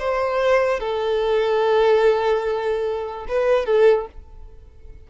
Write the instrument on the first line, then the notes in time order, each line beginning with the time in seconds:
violin
0.00 C5
0.80 A4
3.29 B4
3.66 A4